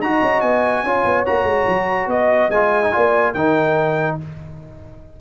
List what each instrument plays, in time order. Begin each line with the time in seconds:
0.00 tuba D#4, trombone F#4, horn D#5, trumpet A#5
0.22 tuba C#4
0.41 tuba B3, trumpet G#5
0.84 tuba C#4, trombone F4, horn C#5
1.05 tuba B3
1.26 tuba A#3, trombone F#4, trumpet A#5
1.44 tuba G#3
1.68 tuba F#3
2.07 tuba B3, trumpet D#5, horn D#5
2.49 tuba G#3, trombone F4, trumpet G#5
2.83 trombone D#4
2.92 tuba A#3, trombone F4, horn D5
3.33 tuba D#3, trombone D#4, horn A#4, trumpet G5